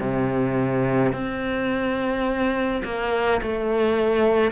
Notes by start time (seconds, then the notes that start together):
0.00 C3
1.13 C4
2.85 A#3
3.42 A3